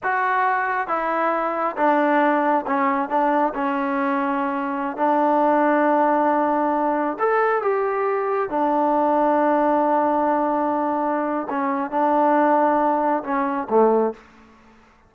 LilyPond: \new Staff \with { instrumentName = "trombone" } { \time 4/4 \tempo 4 = 136 fis'2 e'2 | d'2 cis'4 d'4 | cis'2.~ cis'16 d'8.~ | d'1~ |
d'16 a'4 g'2 d'8.~ | d'1~ | d'2 cis'4 d'4~ | d'2 cis'4 a4 | }